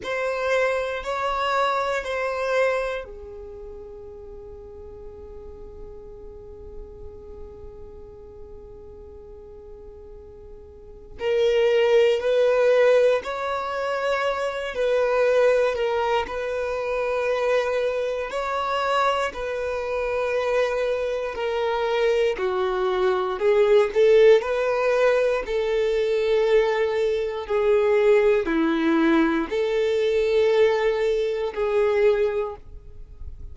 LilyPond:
\new Staff \with { instrumentName = "violin" } { \time 4/4 \tempo 4 = 59 c''4 cis''4 c''4 gis'4~ | gis'1~ | gis'2. ais'4 | b'4 cis''4. b'4 ais'8 |
b'2 cis''4 b'4~ | b'4 ais'4 fis'4 gis'8 a'8 | b'4 a'2 gis'4 | e'4 a'2 gis'4 | }